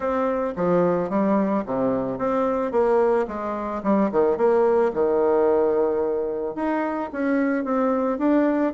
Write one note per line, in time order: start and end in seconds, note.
0.00 0.53 C4
0.56 1.09 F3
1.09 1.64 G3
1.65 2.18 C3
2.18 2.71 C4
2.71 3.26 A#3
3.27 3.82 G#3
3.83 4.10 G3
4.11 4.37 D#3
4.37 4.91 A#3
4.93 6.55 D#3
6.55 7.09 D#4
7.12 7.64 C#4
7.64 8.18 C4
8.18 8.73 D4